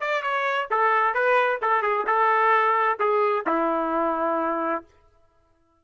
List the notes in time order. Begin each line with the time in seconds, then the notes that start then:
0.00 D5
0.22 C#5
0.70 A4
1.14 B4
1.61 A4
1.82 G#4
2.06 A4
2.99 G#4
3.46 E4